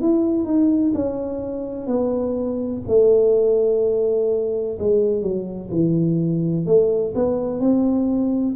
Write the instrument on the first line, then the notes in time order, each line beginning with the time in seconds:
tuba
0.00 E4
0.45 D#4
0.94 C#4
1.87 B3
2.88 A3
4.79 G#3
5.22 F#3
5.71 E3
6.66 A3
7.15 B3
7.60 C4